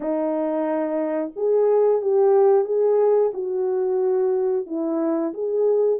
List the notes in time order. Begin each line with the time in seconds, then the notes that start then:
0.00 D#4
1.35 G#4
2.01 G4
2.65 G#4
3.33 F#4
4.66 E4
5.33 G#4